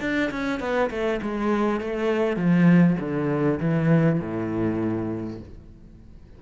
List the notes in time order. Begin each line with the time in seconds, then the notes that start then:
0.00 D4
0.30 C#4
0.60 B3
0.90 A3
1.22 G#3
1.80 A3
2.36 F3
2.99 D3
3.59 E3
4.20 A2